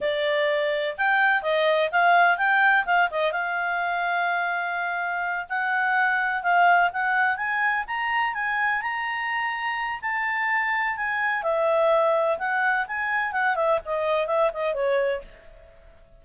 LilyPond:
\new Staff \with { instrumentName = "clarinet" } { \time 4/4 \tempo 4 = 126 d''2 g''4 dis''4 | f''4 g''4 f''8 dis''8 f''4~ | f''2.~ f''8 fis''8~ | fis''4. f''4 fis''4 gis''8~ |
gis''8 ais''4 gis''4 ais''4.~ | ais''4 a''2 gis''4 | e''2 fis''4 gis''4 | fis''8 e''8 dis''4 e''8 dis''8 cis''4 | }